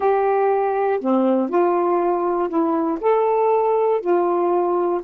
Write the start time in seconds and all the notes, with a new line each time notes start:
0.00 G4
1.00 C4
1.49 F4
2.48 E4
3.00 A4
4.00 F4